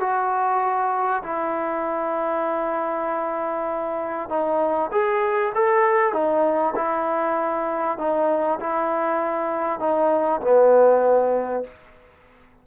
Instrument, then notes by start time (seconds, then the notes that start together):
trombone
0.00 F#4
1.23 E4
4.29 D#4
4.91 G#4
5.55 A4
6.13 D#4
6.75 E4
7.98 D#4
8.60 E4
9.80 D#4
10.41 B3